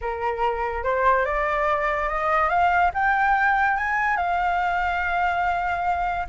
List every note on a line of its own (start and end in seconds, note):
0.01 0.83 A#4
0.83 1.25 C5
1.25 2.09 D5
2.09 2.49 D#5
2.49 2.91 F5
2.94 3.76 G5
3.76 4.17 G#5
4.17 6.26 F5